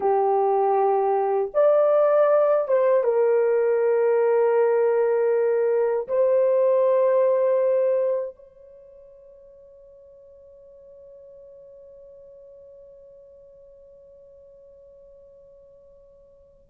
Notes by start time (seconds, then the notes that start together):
0.00 G4
1.54 D5
2.68 C5
3.03 A#4
6.08 C5
8.35 C#5